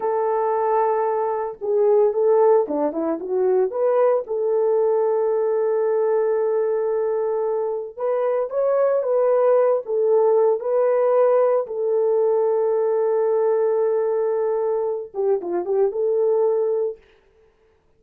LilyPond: \new Staff \with { instrumentName = "horn" } { \time 4/4 \tempo 4 = 113 a'2. gis'4 | a'4 d'8 e'8 fis'4 b'4 | a'1~ | a'2. b'4 |
cis''4 b'4. a'4. | b'2 a'2~ | a'1~ | a'8 g'8 f'8 g'8 a'2 | }